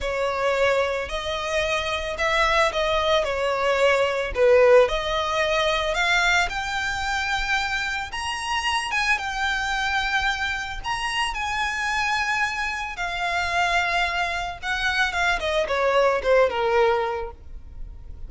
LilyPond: \new Staff \with { instrumentName = "violin" } { \time 4/4 \tempo 4 = 111 cis''2 dis''2 | e''4 dis''4 cis''2 | b'4 dis''2 f''4 | g''2. ais''4~ |
ais''8 gis''8 g''2. | ais''4 gis''2. | f''2. fis''4 | f''8 dis''8 cis''4 c''8 ais'4. | }